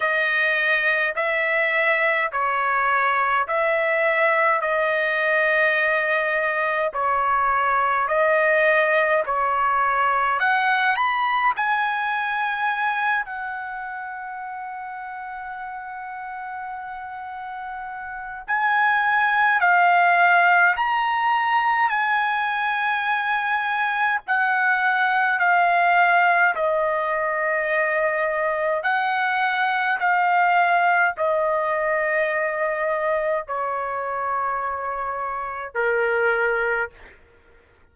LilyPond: \new Staff \with { instrumentName = "trumpet" } { \time 4/4 \tempo 4 = 52 dis''4 e''4 cis''4 e''4 | dis''2 cis''4 dis''4 | cis''4 fis''8 b''8 gis''4. fis''8~ | fis''1 |
gis''4 f''4 ais''4 gis''4~ | gis''4 fis''4 f''4 dis''4~ | dis''4 fis''4 f''4 dis''4~ | dis''4 cis''2 ais'4 | }